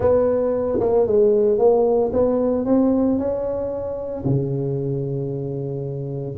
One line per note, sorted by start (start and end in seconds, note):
0.00 0.79 B3
0.80 1.06 A#3
1.06 1.58 G#3
1.58 2.11 A#3
2.12 2.65 B3
2.65 3.18 C4
3.18 4.24 C#4
4.25 6.37 C#3